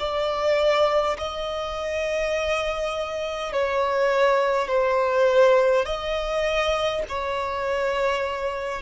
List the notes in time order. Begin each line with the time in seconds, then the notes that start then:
0.00 D5
1.18 D#5
3.53 C#5
4.68 C5
5.86 D#5
7.09 C#5